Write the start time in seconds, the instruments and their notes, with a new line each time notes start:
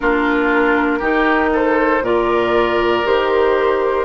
0.00 bassoon A#3, clarinet D4, oboe F4, flute A#4
0.98 bassoon D#3, clarinet D#4, oboe G4
1.53 oboe A4, flute C5
2.00 bassoon A#2, clarinet F4, oboe A#4, flute D5
3.04 bassoon D#3, clarinet G4, flute C5